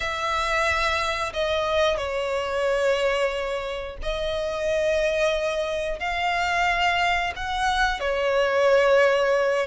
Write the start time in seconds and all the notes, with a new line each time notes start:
0.00 E5
1.33 D#5
1.97 C#5
4.02 D#5
5.99 F5
7.35 F#5
8.00 C#5